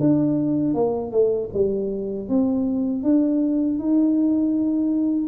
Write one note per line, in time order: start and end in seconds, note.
0.00 0.75 D4
0.75 1.12 A#3
1.12 1.49 A3
1.54 2.29 G3
2.29 3.03 C4
3.03 3.79 D4
3.79 5.29 D#4